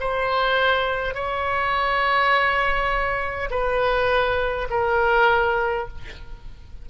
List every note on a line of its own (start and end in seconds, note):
0.00 1.14 C5
1.14 3.50 C#5
3.50 4.68 B4
4.70 5.88 A#4